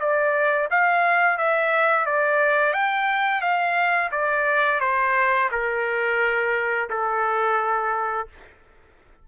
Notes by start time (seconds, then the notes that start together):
0.00 D5
0.71 F5
1.38 E5
2.06 D5
2.73 G5
3.42 F5
4.12 D5
4.81 C5
5.52 A#4
6.90 A4